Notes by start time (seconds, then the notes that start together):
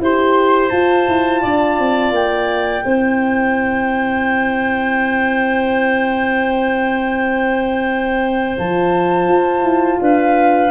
0.00 E4 G4 C5 C6
0.70 F4 A5
1.08 E4
1.42 D4 D5
1.79 C4
2.12 A#3 G5
2.85 C4 E4 C5
8.57 F3 F4 A5
9.29 F4
9.62 E4
10.01 D4 B4 F5